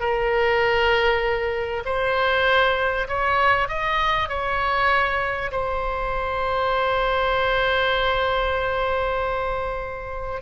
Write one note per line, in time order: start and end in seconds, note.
0.00 1.84 A#4
1.85 3.08 C5
3.08 3.68 C#5
3.68 4.29 D#5
4.29 5.51 C#5
5.52 10.41 C5